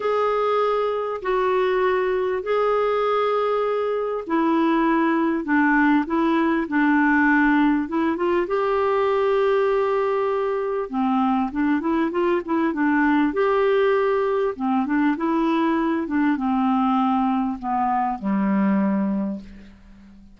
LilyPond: \new Staff \with { instrumentName = "clarinet" } { \time 4/4 \tempo 4 = 99 gis'2 fis'2 | gis'2. e'4~ | e'4 d'4 e'4 d'4~ | d'4 e'8 f'8 g'2~ |
g'2 c'4 d'8 e'8 | f'8 e'8 d'4 g'2 | c'8 d'8 e'4. d'8 c'4~ | c'4 b4 g2 | }